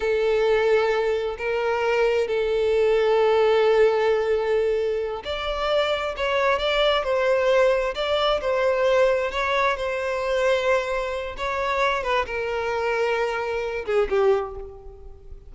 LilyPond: \new Staff \with { instrumentName = "violin" } { \time 4/4 \tempo 4 = 132 a'2. ais'4~ | ais'4 a'2.~ | a'2.~ a'8 d''8~ | d''4. cis''4 d''4 c''8~ |
c''4. d''4 c''4.~ | c''8 cis''4 c''2~ c''8~ | c''4 cis''4. b'8 ais'4~ | ais'2~ ais'8 gis'8 g'4 | }